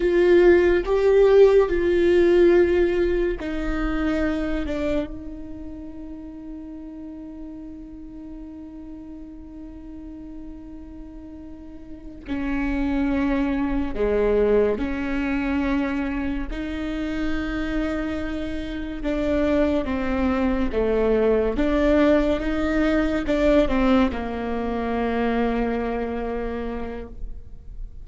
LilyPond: \new Staff \with { instrumentName = "viola" } { \time 4/4 \tempo 4 = 71 f'4 g'4 f'2 | dis'4. d'8 dis'2~ | dis'1~ | dis'2~ dis'8 cis'4.~ |
cis'8 gis4 cis'2 dis'8~ | dis'2~ dis'8 d'4 c'8~ | c'8 a4 d'4 dis'4 d'8 | c'8 ais2.~ ais8 | }